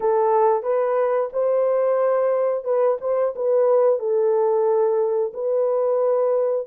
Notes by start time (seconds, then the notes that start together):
0.00 A4
0.62 B4
1.32 C5
2.64 B4
3.01 C5
3.35 B4
3.99 A4
5.33 B4